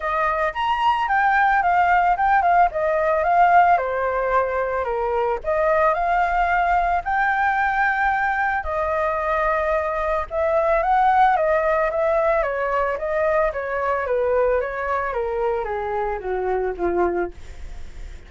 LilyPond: \new Staff \with { instrumentName = "flute" } { \time 4/4 \tempo 4 = 111 dis''4 ais''4 g''4 f''4 | g''8 f''8 dis''4 f''4 c''4~ | c''4 ais'4 dis''4 f''4~ | f''4 g''2. |
dis''2. e''4 | fis''4 dis''4 e''4 cis''4 | dis''4 cis''4 b'4 cis''4 | ais'4 gis'4 fis'4 f'4 | }